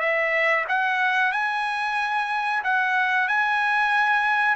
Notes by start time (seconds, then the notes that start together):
0.00 E5
0.69 F#5
1.33 G#5
2.64 F#5
3.28 G#5